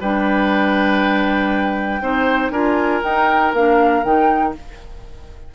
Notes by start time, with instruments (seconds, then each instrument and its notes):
0.00 bassoon G3, clarinet D4, oboe B4, flute G5
2.01 bassoon C4, clarinet D#4, oboe C5
2.51 bassoon D4, clarinet F4, oboe A#4, flute G#5
3.03 clarinet D#4, bassoon D#4, flute G5
3.53 bassoon A#3, clarinet D4, flute F5
4.03 bassoon D#3, clarinet D#4, flute G5